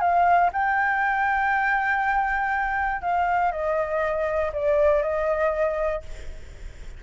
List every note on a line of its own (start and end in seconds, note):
0.00 0.50 F5
0.52 3.01 G5
3.01 3.51 F5
3.51 4.51 D#5
4.52 5.02 D5
5.02 6.02 D#5